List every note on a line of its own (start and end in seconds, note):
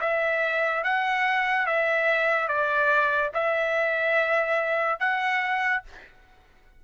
0.00 0.83 E5
0.83 1.66 F#5
1.66 2.48 E5
2.48 3.31 D5
3.34 5.00 E5
5.00 5.83 F#5